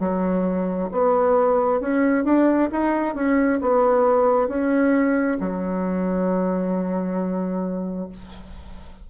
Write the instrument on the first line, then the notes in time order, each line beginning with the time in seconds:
bassoon
0.00 F#3
0.92 B3
1.81 C#4
2.25 D4
2.72 D#4
3.15 C#4
3.61 B3
4.48 C#4
5.40 F#3